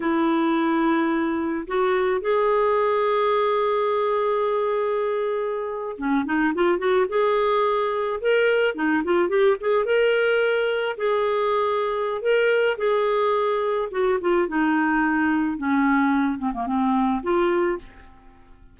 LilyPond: \new Staff \with { instrumentName = "clarinet" } { \time 4/4 \tempo 4 = 108 e'2. fis'4 | gis'1~ | gis'2~ gis'8. cis'8 dis'8 f'16~ | f'16 fis'8 gis'2 ais'4 dis'16~ |
dis'16 f'8 g'8 gis'8 ais'2 gis'16~ | gis'2 ais'4 gis'4~ | gis'4 fis'8 f'8 dis'2 | cis'4. c'16 ais16 c'4 f'4 | }